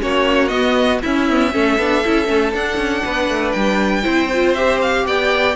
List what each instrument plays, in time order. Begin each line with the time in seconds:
0.00 cello A#3, viola C#4, violin F#4 C#5
0.48 viola B3, cello B3, violin D#5
1.02 cello C#4, viola C#4, violin E4 E5
1.29 viola B3
1.52 cello A3, viola C#4, violin A4
1.78 cello B3, viola D4
2.04 cello C#4, viola E4
2.26 cello A3, viola C#4
2.53 cello D4, viola D4, violin F#5
2.77 cello C#4
3.05 cello B3, violin B4
3.29 cello A3
3.52 cello G3, violin G5
4.02 cello C4, viola E4, violin C5
4.33 viola F4
4.53 viola G4, violin E5
4.81 violin F5
5.06 cello B3, violin D5 G5